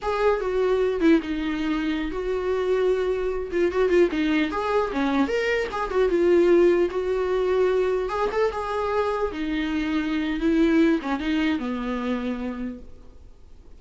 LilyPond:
\new Staff \with { instrumentName = "viola" } { \time 4/4 \tempo 4 = 150 gis'4 fis'4. e'8 dis'4~ | dis'4~ dis'16 fis'2~ fis'8.~ | fis'8. f'8 fis'8 f'8 dis'4 gis'8.~ | gis'16 cis'4 ais'4 gis'8 fis'8 f'8.~ |
f'4~ f'16 fis'2~ fis'8.~ | fis'16 gis'8 a'8 gis'2 dis'8.~ | dis'2 e'4. cis'8 | dis'4 b2. | }